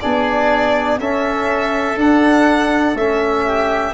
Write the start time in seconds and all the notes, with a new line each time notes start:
0.00 B3 D4 G#4 D5
0.99 C#4 A4 E5
1.97 D4 F#5
2.94 A3 C#4 E5
3.45 G4